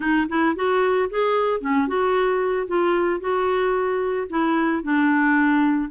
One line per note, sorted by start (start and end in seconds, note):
0.00 0.27 D#4
0.28 0.55 E4
0.55 1.09 F#4
1.10 1.60 G#4
1.60 1.87 C#4
1.87 2.67 F#4
2.67 3.20 F4
3.20 4.27 F#4
4.29 4.83 E4
4.83 5.90 D4